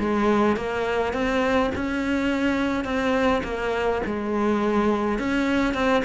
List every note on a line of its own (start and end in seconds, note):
0.00 0.57 G#3
0.57 1.14 A#3
1.14 1.71 C4
1.76 2.85 C#4
2.85 3.42 C4
3.44 4.02 A#3
4.06 5.19 G#3
5.19 5.75 C#4
5.75 6.03 C4